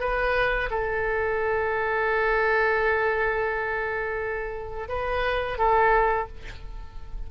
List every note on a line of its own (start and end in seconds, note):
0.00 0.70 B4
0.70 4.89 A4
4.89 5.58 B4
5.58 6.28 A4